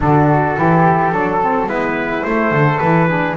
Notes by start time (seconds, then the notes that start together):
0.00 D3 D4 F#4 A4
0.55 E3 E4 G4
1.11 F#3 D4 A4
1.41 C4
1.66 G#3 B3 E4 B4
2.23 A3 C5
2.50 D3 A4
2.79 E3 E4 B4
3.08 D4 G#4